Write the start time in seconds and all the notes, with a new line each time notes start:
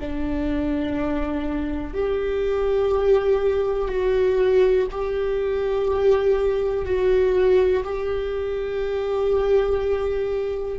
0.00 D4
1.94 G4
3.89 F#4
4.91 G4
6.85 F#4
7.84 G4